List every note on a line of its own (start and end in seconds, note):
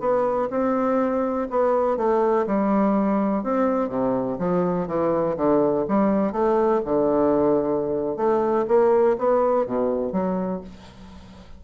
0.00 0.49 B3
0.51 1.48 C4
1.51 1.97 B3
1.97 2.46 A3
2.47 3.44 G3
3.44 3.89 C4
3.89 4.38 C3
4.39 4.88 F3
4.88 5.37 E3
5.37 5.86 D3
5.88 6.33 G3
6.33 6.82 A3
6.85 8.17 D3
8.17 8.66 A3
8.68 9.17 A#3
9.19 9.67 B3
9.67 10.13 B2
10.13 10.61 F#3